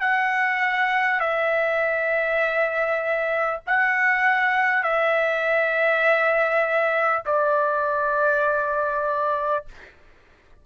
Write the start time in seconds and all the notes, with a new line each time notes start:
0.00 F#5
1.20 E5
3.67 F#5
4.83 E5
7.25 D5